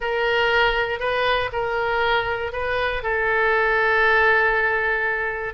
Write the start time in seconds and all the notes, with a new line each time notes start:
0.00 A#4
0.99 B4
1.52 A#4
2.52 B4
3.02 A4